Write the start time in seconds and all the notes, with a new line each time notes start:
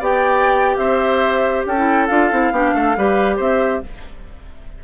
0.00 B3 G4 D5 G5
0.77 C4 C5 E5
1.66 C#4 A4 G5
1.77 E4
2.07 D4 F4 F5
2.32 C4 E4
2.52 B3 D4 G4
2.75 A3 A4
2.97 G3 G4 B4
3.37 C4 C5 E5